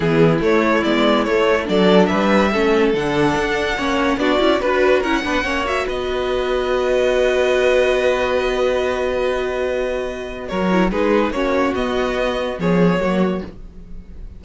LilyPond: <<
  \new Staff \with { instrumentName = "violin" } { \time 4/4 \tempo 4 = 143 gis'4 cis''4 d''4 cis''4 | d''4 e''2 fis''4~ | fis''2 d''4 b'4 | fis''4. e''8 dis''2~ |
dis''1~ | dis''1~ | dis''4 cis''4 b'4 cis''4 | dis''2 cis''2 | }
  \new Staff \with { instrumentName = "violin" } { \time 4/4 e'1 | a'4 b'4 a'2~ | a'4 cis''4 fis'4 b'4 | ais'8 b'8 cis''4 b'2~ |
b'1~ | b'1~ | b'4 ais'4 gis'4 fis'4~ | fis'2 gis'4 fis'4 | }
  \new Staff \with { instrumentName = "viola" } { \time 4/4 b4 a4 b4 a4 | d'2 cis'4 d'4~ | d'4 cis'4 d'8 e'8 fis'4 | e'8 d'8 cis'8 fis'2~ fis'8~ |
fis'1~ | fis'1~ | fis'4. e'8 dis'4 cis'4 | b2. ais4 | }
  \new Staff \with { instrumentName = "cello" } { \time 4/4 e4 a4 gis4 a4 | fis4 g4 a4 d4 | d'4 ais4 b8 cis'8 d'4 | cis'8 b8 ais4 b2~ |
b1~ | b1~ | b4 fis4 gis4 ais4 | b2 f4 fis4 | }
>>